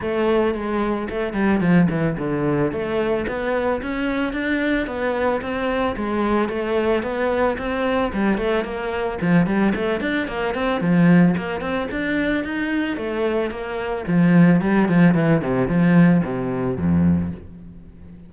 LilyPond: \new Staff \with { instrumentName = "cello" } { \time 4/4 \tempo 4 = 111 a4 gis4 a8 g8 f8 e8 | d4 a4 b4 cis'4 | d'4 b4 c'4 gis4 | a4 b4 c'4 g8 a8 |
ais4 f8 g8 a8 d'8 ais8 c'8 | f4 ais8 c'8 d'4 dis'4 | a4 ais4 f4 g8 f8 | e8 c8 f4 c4 f,4 | }